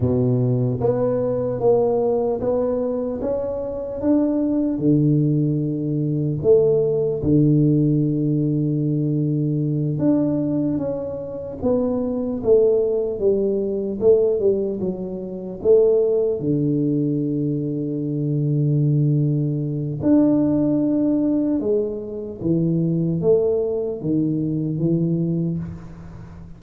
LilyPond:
\new Staff \with { instrumentName = "tuba" } { \time 4/4 \tempo 4 = 75 b,4 b4 ais4 b4 | cis'4 d'4 d2 | a4 d2.~ | d8 d'4 cis'4 b4 a8~ |
a8 g4 a8 g8 fis4 a8~ | a8 d2.~ d8~ | d4 d'2 gis4 | e4 a4 dis4 e4 | }